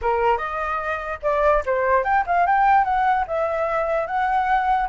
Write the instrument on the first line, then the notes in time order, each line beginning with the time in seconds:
flute
0.01 A#4
0.37 D#5
1.22 D5
1.65 C5
2.04 G5
2.26 F5
2.46 G5
2.84 F#5
3.27 E5
4.06 F#5